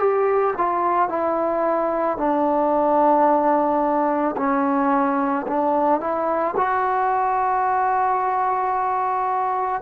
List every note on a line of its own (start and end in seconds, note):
0.00 0.55 G4
0.58 1.09 F4
1.09 2.18 E4
2.18 4.36 D4
4.37 5.46 C#4
5.48 6.01 D4
6.01 6.56 E4
6.57 9.82 F#4